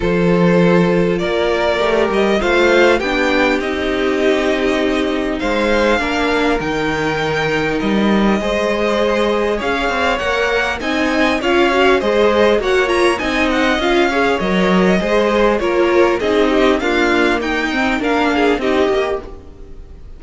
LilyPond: <<
  \new Staff \with { instrumentName = "violin" } { \time 4/4 \tempo 4 = 100 c''2 d''4. dis''8 | f''4 g''4 dis''2~ | dis''4 f''2 g''4~ | g''4 dis''2. |
f''4 fis''4 gis''4 f''4 | dis''4 fis''8 ais''8 gis''8 fis''8 f''4 | dis''2 cis''4 dis''4 | f''4 g''4 f''4 dis''4 | }
  \new Staff \with { instrumentName = "violin" } { \time 4/4 a'2 ais'2 | c''4 g'2.~ | g'4 c''4 ais'2~ | ais'2 c''2 |
cis''2 dis''4 cis''4 | c''4 cis''4 dis''4. cis''8~ | cis''4 c''4 ais'4 gis'8 g'8 | f'4 dis'4 ais'8 gis'8 g'4 | }
  \new Staff \with { instrumentName = "viola" } { \time 4/4 f'2. g'4 | f'4 d'4 dis'2~ | dis'2 d'4 dis'4~ | dis'2 gis'2~ |
gis'4 ais'4 dis'4 f'8 fis'8 | gis'4 fis'8 f'8 dis'4 f'8 gis'8 | ais'4 gis'4 f'4 dis'4 | ais4. c'8 d'4 dis'8 g'8 | }
  \new Staff \with { instrumentName = "cello" } { \time 4/4 f2 ais4 a8 g8 | a4 b4 c'2~ | c'4 gis4 ais4 dis4~ | dis4 g4 gis2 |
cis'8 c'8 ais4 c'4 cis'4 | gis4 ais4 c'4 cis'4 | fis4 gis4 ais4 c'4 | d'4 dis'4 ais4 c'8 ais8 | }
>>